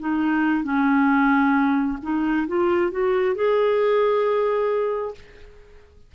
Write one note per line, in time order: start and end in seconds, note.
0.00 0.64 D#4
0.64 1.99 C#4
2.03 2.47 D#4
2.48 2.91 F4
2.91 3.36 F#4
3.36 5.15 G#4